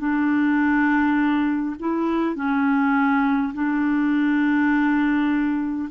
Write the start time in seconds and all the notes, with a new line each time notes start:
0.00 D4
1.80 E4
2.36 C#4
3.54 D4